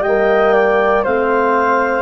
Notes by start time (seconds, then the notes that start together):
0.00 G3 A#3 D#5 G5
0.54 D5
1.04 A3 C4 C5 F5